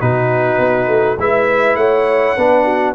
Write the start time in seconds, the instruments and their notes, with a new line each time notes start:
0.00 tuba B2, trombone D#4, horn F#4, trumpet B4
0.59 tuba B3
0.88 tuba A3
1.18 tuba G#3, trombone E4, horn B4, trumpet E5
1.76 tuba A3, horn C#5, trumpet F#5
2.37 tuba B3, trombone D4, horn B4
2.64 horn F#4